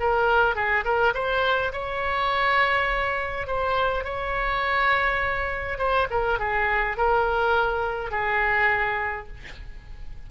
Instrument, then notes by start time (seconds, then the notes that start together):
oboe
0.00 A#4
0.56 G#4
0.85 A#4
1.14 C5
1.73 C#5
3.47 C5
4.05 C#5
5.79 C5
6.11 A#4
6.40 G#4
6.98 A#4
8.12 G#4